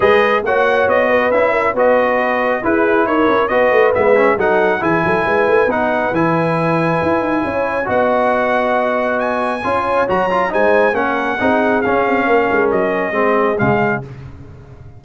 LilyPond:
<<
  \new Staff \with { instrumentName = "trumpet" } { \time 4/4 \tempo 4 = 137 dis''4 fis''4 dis''4 e''4 | dis''2 b'4 cis''4 | dis''4 e''4 fis''4 gis''4~ | gis''4 fis''4 gis''2~ |
gis''2 fis''2~ | fis''4 gis''2 ais''4 | gis''4 fis''2 f''4~ | f''4 dis''2 f''4 | }
  \new Staff \with { instrumentName = "horn" } { \time 4/4 b'4 cis''4. b'4 ais'8 | b'2 gis'4 ais'4 | b'2 a'4 gis'8 a'8 | b'1~ |
b'4 cis''4 dis''2~ | dis''2 cis''2 | c''4 ais'4 gis'2 | ais'2 gis'2 | }
  \new Staff \with { instrumentName = "trombone" } { \time 4/4 gis'4 fis'2 e'4 | fis'2 e'2 | fis'4 b8 cis'8 dis'4 e'4~ | e'4 dis'4 e'2~ |
e'2 fis'2~ | fis'2 f'4 fis'8 f'8 | dis'4 cis'4 dis'4 cis'4~ | cis'2 c'4 gis4 | }
  \new Staff \with { instrumentName = "tuba" } { \time 4/4 gis4 ais4 b4 cis'4 | b2 e'4 dis'8 cis'8 | b8 a8 gis4 fis4 e8 fis8 | gis8 a8 b4 e2 |
e'8 dis'8 cis'4 b2~ | b2 cis'4 fis4 | gis4 ais4 c'4 cis'8 c'8 | ais8 gis8 fis4 gis4 cis4 | }
>>